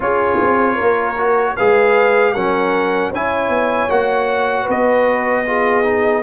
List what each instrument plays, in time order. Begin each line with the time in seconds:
0.00 tuba C#4, trombone F4, horn G#4, trumpet C#5
0.40 tuba C4
0.75 tuba A#3, horn A#4
1.18 trombone F#4
1.56 tuba G#3, trombone G#4, horn B4, trumpet F5
2.33 tuba F#3, trombone C#4, horn A#4, trumpet F#5
3.11 tuba C#4, trombone E4, horn C#5, trumpet G#5
3.49 tuba B3
3.89 tuba A#3, trombone F#4, trumpet F#5
4.63 tuba B3, horn B4
4.70 trumpet D#5
5.46 trombone F4, horn G#4
5.83 trombone D#4